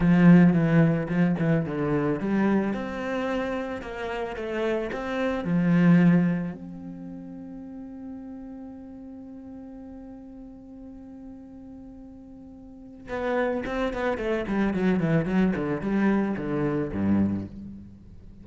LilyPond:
\new Staff \with { instrumentName = "cello" } { \time 4/4 \tempo 4 = 110 f4 e4 f8 e8 d4 | g4 c'2 ais4 | a4 c'4 f2 | c'1~ |
c'1~ | c'1 | b4 c'8 b8 a8 g8 fis8 e8 | fis8 d8 g4 d4 g,4 | }